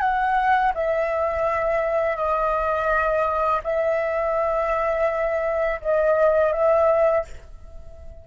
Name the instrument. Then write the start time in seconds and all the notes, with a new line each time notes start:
flute
0.00 F#5
0.75 E5
2.16 D#5
3.63 E5
5.81 D#5
6.53 E5